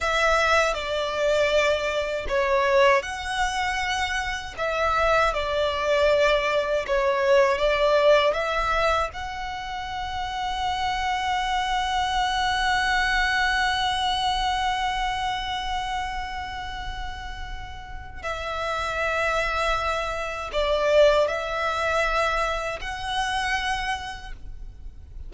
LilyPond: \new Staff \with { instrumentName = "violin" } { \time 4/4 \tempo 4 = 79 e''4 d''2 cis''4 | fis''2 e''4 d''4~ | d''4 cis''4 d''4 e''4 | fis''1~ |
fis''1~ | fis''1 | e''2. d''4 | e''2 fis''2 | }